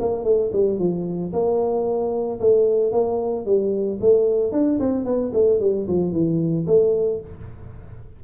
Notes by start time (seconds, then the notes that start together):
0.00 A#3
0.24 A3
0.53 G3
0.79 F3
1.33 A#3
2.40 A3
2.92 A#3
3.46 G3
4.01 A3
4.52 D4
4.80 C4
5.05 B3
5.33 A3
5.60 G3
5.88 F3
6.12 E3
6.67 A3